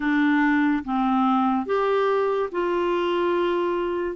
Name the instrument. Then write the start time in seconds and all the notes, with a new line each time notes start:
clarinet
0.00 D4
0.84 C4
1.66 G4
2.51 F4